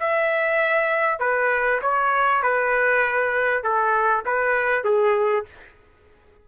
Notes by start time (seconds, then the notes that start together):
0.00 E5
1.19 B4
1.81 C#5
2.42 B4
3.63 A4
4.25 B4
4.84 G#4